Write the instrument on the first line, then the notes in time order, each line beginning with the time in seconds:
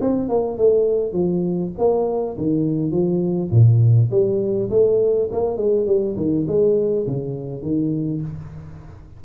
tuba
0.00 C4
0.29 A#3
0.57 A3
1.12 F3
1.78 A#3
2.37 D#3
2.91 F3
3.51 A#2
4.10 G3
4.70 A3
5.31 A#3
5.57 G#3
5.86 G3
6.16 D#3
6.47 G#3
7.07 C#3
7.62 D#3